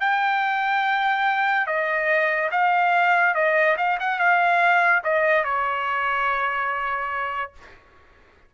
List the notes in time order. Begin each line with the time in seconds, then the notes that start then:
0.00 G5
1.66 D#5
2.52 F5
3.34 D#5
3.77 F5
4.00 F#5
4.19 F5
5.03 D#5
5.44 C#5